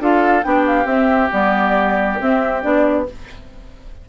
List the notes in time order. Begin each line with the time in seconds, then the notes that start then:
0.00 D4 F4 A4 F5
0.44 B3 D4 G4 G5
0.67 F5
0.85 C4 E5
1.32 G3 B3 D5
2.20 C4 E5
2.62 B3 D4 D5